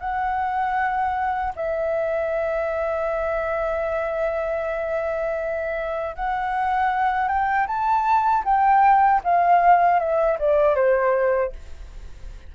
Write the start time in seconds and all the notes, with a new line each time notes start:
0.00 F#5
1.56 E5
6.16 F#5
7.28 G5
7.67 A5
8.45 G5
9.24 F5
9.99 E5
10.40 D5
10.76 C5